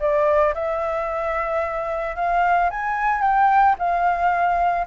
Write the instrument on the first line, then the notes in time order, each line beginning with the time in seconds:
flute
0.00 D5
0.54 E5
2.16 F5
2.70 G#5
3.21 G5
3.79 F5